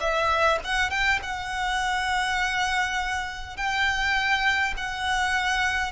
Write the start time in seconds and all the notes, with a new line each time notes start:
0.00 E5
0.64 F#5
0.90 G5
1.22 F#5
3.57 G5
4.77 F#5